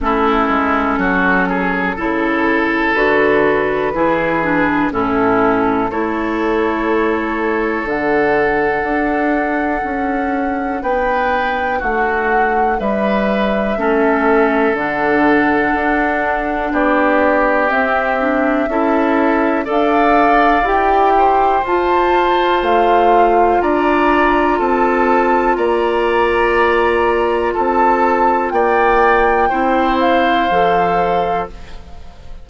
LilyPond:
<<
  \new Staff \with { instrumentName = "flute" } { \time 4/4 \tempo 4 = 61 a'2. b'4~ | b'4 a'4 cis''2 | fis''2. g''4 | fis''4 e''2 fis''4~ |
fis''4 d''4 e''2 | f''4 g''4 a''4 f''4 | ais''4 a''4 ais''2 | a''4 g''4. f''4. | }
  \new Staff \with { instrumentName = "oboe" } { \time 4/4 e'4 fis'8 gis'8 a'2 | gis'4 e'4 a'2~ | a'2. b'4 | fis'4 b'4 a'2~ |
a'4 g'2 a'4 | d''4. c''2~ c''8 | d''4 a'4 d''2 | a'4 d''4 c''2 | }
  \new Staff \with { instrumentName = "clarinet" } { \time 4/4 cis'2 e'4 fis'4 | e'8 d'8 cis'4 e'2 | d'1~ | d'2 cis'4 d'4~ |
d'2 c'8 d'8 e'4 | a'4 g'4 f'2~ | f'1~ | f'2 e'4 a'4 | }
  \new Staff \with { instrumentName = "bassoon" } { \time 4/4 a8 gis8 fis4 cis4 d4 | e4 a,4 a2 | d4 d'4 cis'4 b4 | a4 g4 a4 d4 |
d'4 b4 c'4 cis'4 | d'4 e'4 f'4 a4 | d'4 c'4 ais2 | c'4 ais4 c'4 f4 | }
>>